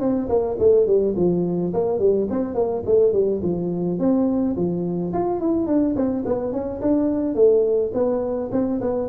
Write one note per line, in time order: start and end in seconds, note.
0.00 0.28 C4
0.29 0.58 A#3
0.59 0.87 A3
0.87 1.15 G3
1.17 1.73 F3
1.74 1.99 A#3
1.99 2.27 G3
2.31 2.55 C4
2.55 2.83 A#3
2.86 3.13 A3
3.13 3.41 G3
3.43 4.00 F3
4.00 4.56 C4
4.56 5.13 F3
5.14 5.41 F4
5.41 5.67 E4
5.67 5.95 D4
5.96 6.24 C4
6.26 6.52 B3
6.52 6.81 C#4
6.82 7.35 D4
7.35 7.92 A3
7.94 8.51 B3
8.52 8.80 C4
8.81 9.09 B3